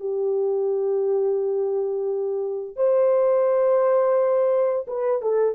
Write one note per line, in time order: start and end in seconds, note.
0.00 2.77 G4
2.77 4.86 C5
4.88 5.22 B4
5.22 5.55 A4